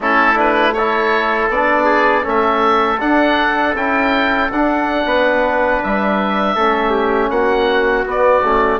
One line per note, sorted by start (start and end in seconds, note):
0.00 1.48 A3
0.00 0.34 C#4
0.00 0.76 E4
0.00 0.39 A4
0.34 0.72 D4
0.34 0.73 B4
0.73 1.53 E4
0.73 1.85 A4
0.73 1.48 C#5
1.49 2.24 B3
1.49 2.22 D4
1.49 2.25 D5
1.85 2.22 G#4
2.22 3.01 A3
2.22 2.97 C#4
2.22 5.04 A4
2.22 3.00 E5
3.00 3.75 D4
3.00 3.75 F#5
3.75 4.50 C#4
3.75 4.50 E4
3.75 4.51 G5
4.51 5.05 D4
4.51 6.57 D4
4.51 5.83 F#5
5.05 5.80 B3
5.05 6.55 B4
5.83 6.55 G3
5.83 7.30 E5
6.55 7.30 A3
6.55 8.05 C#4
6.55 6.90 A4
6.90 7.28 G4
7.30 8.05 A#3
7.30 8.79 F#4
7.30 8.05 F#5
8.05 8.43 B3
8.05 8.79 D5
8.43 8.79 A3
8.43 8.79 C#4